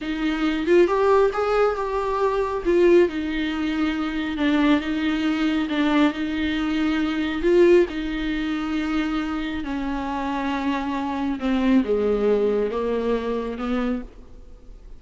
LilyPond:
\new Staff \with { instrumentName = "viola" } { \time 4/4 \tempo 4 = 137 dis'4. f'8 g'4 gis'4 | g'2 f'4 dis'4~ | dis'2 d'4 dis'4~ | dis'4 d'4 dis'2~ |
dis'4 f'4 dis'2~ | dis'2 cis'2~ | cis'2 c'4 gis4~ | gis4 ais2 b4 | }